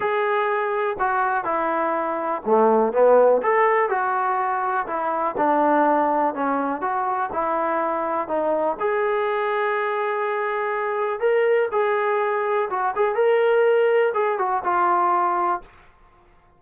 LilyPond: \new Staff \with { instrumentName = "trombone" } { \time 4/4 \tempo 4 = 123 gis'2 fis'4 e'4~ | e'4 a4 b4 a'4 | fis'2 e'4 d'4~ | d'4 cis'4 fis'4 e'4~ |
e'4 dis'4 gis'2~ | gis'2. ais'4 | gis'2 fis'8 gis'8 ais'4~ | ais'4 gis'8 fis'8 f'2 | }